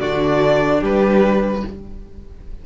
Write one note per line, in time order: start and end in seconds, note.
0.00 0.82 D3
0.00 1.64 D4
0.00 0.80 F#4
0.00 0.81 D5
0.80 1.63 G3
0.80 1.61 G4
0.80 1.66 B4